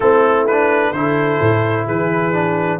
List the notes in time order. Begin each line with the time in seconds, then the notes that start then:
0.00 A3 C4 E4 A4
0.46 D4 B4
0.92 D3 E4 A4 C5
1.40 A2
1.85 E3 G#4 B4
2.32 D4